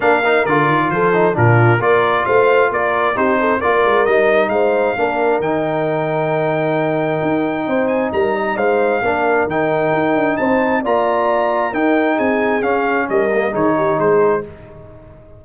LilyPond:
<<
  \new Staff \with { instrumentName = "trumpet" } { \time 4/4 \tempo 4 = 133 f''4 d''4 c''4 ais'4 | d''4 f''4 d''4 c''4 | d''4 dis''4 f''2 | g''1~ |
g''4. gis''8 ais''4 f''4~ | f''4 g''2 a''4 | ais''2 g''4 gis''4 | f''4 dis''4 cis''4 c''4 | }
  \new Staff \with { instrumentName = "horn" } { \time 4/4 ais'2 a'4 f'4 | ais'4 c''4 ais'4 g'8 a'8 | ais'2 c''4 ais'4~ | ais'1~ |
ais'4 c''4 ais'8 dis''8 c''4 | ais'2. c''4 | d''2 ais'4 gis'4~ | gis'4 ais'4 gis'8 g'8 gis'4 | }
  \new Staff \with { instrumentName = "trombone" } { \time 4/4 d'8 dis'8 f'4. dis'8 d'4 | f'2. dis'4 | f'4 dis'2 d'4 | dis'1~ |
dis'1 | d'4 dis'2. | f'2 dis'2 | cis'4. ais8 dis'2 | }
  \new Staff \with { instrumentName = "tuba" } { \time 4/4 ais4 d8 dis8 f4 ais,4 | ais4 a4 ais4 c'4 | ais8 gis8 g4 gis4 ais4 | dis1 |
dis'4 c'4 g4 gis4 | ais4 dis4 dis'8 d'8 c'4 | ais2 dis'4 c'4 | cis'4 g4 dis4 gis4 | }
>>